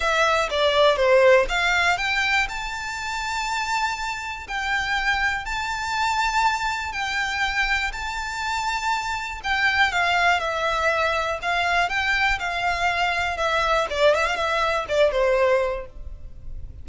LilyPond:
\new Staff \with { instrumentName = "violin" } { \time 4/4 \tempo 4 = 121 e''4 d''4 c''4 f''4 | g''4 a''2.~ | a''4 g''2 a''4~ | a''2 g''2 |
a''2. g''4 | f''4 e''2 f''4 | g''4 f''2 e''4 | d''8 e''16 f''16 e''4 d''8 c''4. | }